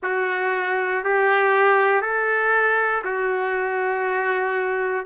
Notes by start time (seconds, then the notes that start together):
0.02 F#4
1.04 G4
2.01 A4
3.04 F#4